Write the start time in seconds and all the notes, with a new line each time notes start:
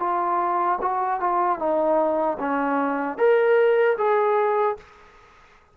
0.00 F4
0.81 F#4
1.20 F4
1.59 D#4
2.40 C#4
3.18 A#4
3.98 G#4